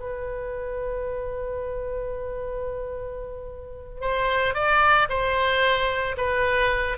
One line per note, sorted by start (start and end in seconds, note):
0.00 4.01 B4
4.01 4.54 C5
4.55 5.08 D5
5.09 6.16 C5
6.17 6.98 B4